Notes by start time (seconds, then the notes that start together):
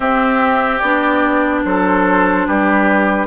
0.00 C4 G4 E5
0.79 B3 D4 D5
1.64 F#3 A4 C5
2.46 G3 G4 B4